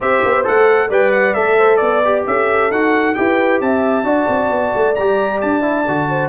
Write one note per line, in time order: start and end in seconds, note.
0.00 0.23 C4
0.00 0.43 G4
0.00 0.89 C5
0.00 0.46 E5
0.24 0.47 B3
0.43 0.90 A3
0.43 0.89 A4
0.43 0.91 F#5
0.89 1.35 G3
0.89 1.35 B4
0.89 1.57 D5
0.89 1.12 G5
1.12 1.34 F#5
1.34 1.80 A3
1.34 2.02 A4
1.34 1.77 E5
1.57 1.80 C5
1.77 2.25 B3
1.77 2.22 D5
1.77 2.25 D5
2.04 2.72 G4
2.26 2.70 C#4
2.26 3.18 A4
2.26 2.71 E5
2.70 3.15 D#4
2.70 3.15 F#4
2.70 3.14 F#5
3.14 3.60 E4
3.14 4.04 G4
3.14 3.62 B4
3.14 3.59 G5
3.60 4.03 C4
3.60 4.06 E5
3.60 4.95 A5
4.03 4.25 D4
4.03 4.94 F#4
4.03 6.09 D5
4.28 4.50 C4
4.50 4.72 B3
4.75 4.97 A3
4.95 5.42 G3
4.95 5.61 G4
4.95 5.40 A#5
5.41 5.88 D4
5.41 6.28 A5
5.61 5.83 E4
5.87 6.28 D3
5.87 6.28 F#4
6.09 6.28 C5